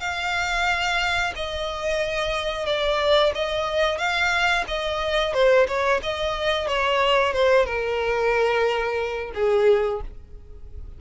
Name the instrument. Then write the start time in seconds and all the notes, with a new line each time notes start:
violin
0.00 F5
1.35 D#5
2.66 D5
3.35 D#5
3.98 F5
4.68 D#5
5.33 C5
5.68 C#5
6.03 D#5
6.68 C#5
7.33 C5
7.65 A#4
9.35 G#4